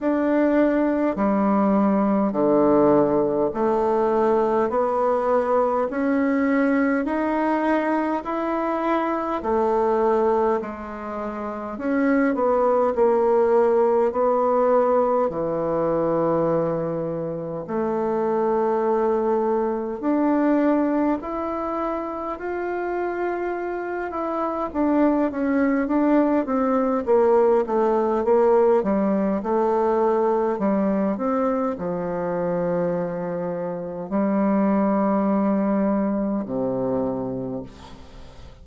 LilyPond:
\new Staff \with { instrumentName = "bassoon" } { \time 4/4 \tempo 4 = 51 d'4 g4 d4 a4 | b4 cis'4 dis'4 e'4 | a4 gis4 cis'8 b8 ais4 | b4 e2 a4~ |
a4 d'4 e'4 f'4~ | f'8 e'8 d'8 cis'8 d'8 c'8 ais8 a8 | ais8 g8 a4 g8 c'8 f4~ | f4 g2 c4 | }